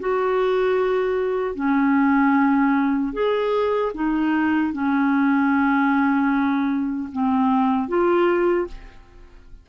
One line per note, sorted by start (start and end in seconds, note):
0.00 1.55 F#4
1.55 3.13 C#4
3.13 3.92 G#4
3.94 4.73 D#4
4.73 7.10 C#4
7.12 7.88 C4
7.88 8.67 F4